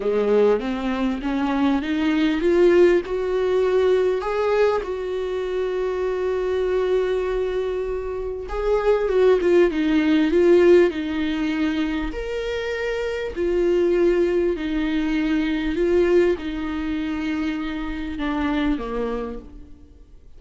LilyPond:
\new Staff \with { instrumentName = "viola" } { \time 4/4 \tempo 4 = 99 gis4 c'4 cis'4 dis'4 | f'4 fis'2 gis'4 | fis'1~ | fis'2 gis'4 fis'8 f'8 |
dis'4 f'4 dis'2 | ais'2 f'2 | dis'2 f'4 dis'4~ | dis'2 d'4 ais4 | }